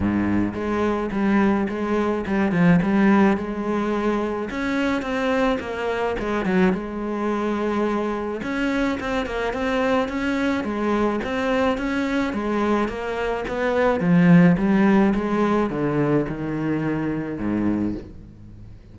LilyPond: \new Staff \with { instrumentName = "cello" } { \time 4/4 \tempo 4 = 107 gis,4 gis4 g4 gis4 | g8 f8 g4 gis2 | cis'4 c'4 ais4 gis8 fis8 | gis2. cis'4 |
c'8 ais8 c'4 cis'4 gis4 | c'4 cis'4 gis4 ais4 | b4 f4 g4 gis4 | d4 dis2 gis,4 | }